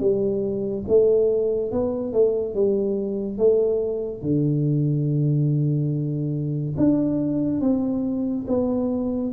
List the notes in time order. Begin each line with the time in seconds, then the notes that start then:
0.00 G3
0.88 A3
1.72 B3
2.13 A3
2.55 G3
3.38 A3
4.23 D3
6.78 D4
7.61 C4
8.48 B3